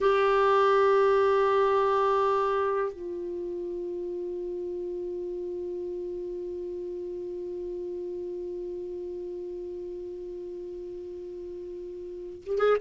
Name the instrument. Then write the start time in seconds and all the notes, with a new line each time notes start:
clarinet
0.00 G4
2.92 F4
12.46 G4
12.58 G#4